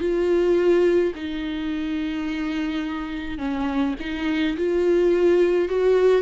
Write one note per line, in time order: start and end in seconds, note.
0.00 1.13 F4
1.15 3.39 D#4
3.39 3.95 C#4
4.00 4.57 D#4
4.57 5.69 F4
5.69 6.22 F#4